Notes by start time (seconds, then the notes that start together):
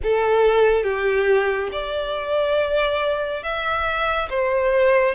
0.03 A4
0.83 G4
1.71 D5
3.43 E5
4.29 C5